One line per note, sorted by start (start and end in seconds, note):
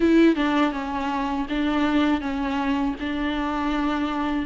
0.00 0.35 E4
0.35 0.72 D4
0.72 1.46 C#4
1.49 2.20 D4
2.20 2.95 C#4
3.00 4.46 D4